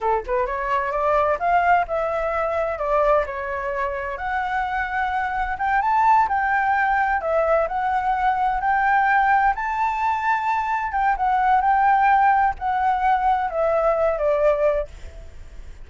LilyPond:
\new Staff \with { instrumentName = "flute" } { \time 4/4 \tempo 4 = 129 a'8 b'8 cis''4 d''4 f''4 | e''2 d''4 cis''4~ | cis''4 fis''2. | g''8 a''4 g''2 e''8~ |
e''8 fis''2 g''4.~ | g''8 a''2. g''8 | fis''4 g''2 fis''4~ | fis''4 e''4. d''4. | }